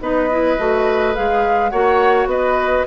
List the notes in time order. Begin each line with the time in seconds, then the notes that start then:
0.00 B3 D#4 B4 D#5
0.30 E4
0.58 A3 F#4
1.14 G#3 G#4 F5
1.69 A#3 F#4 C#5 F#5
2.26 B3 B4 D#5